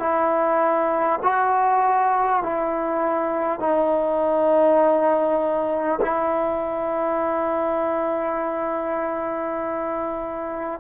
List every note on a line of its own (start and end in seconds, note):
0.00 1.20 E4
1.23 2.43 F#4
2.43 3.60 E4
3.60 6.00 D#4
6.02 10.81 E4